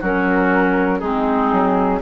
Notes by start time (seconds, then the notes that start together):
0.00 F#3 C#4 F#4 A#4
0.99 G#3 C4 D#4 G#4
1.51 F#3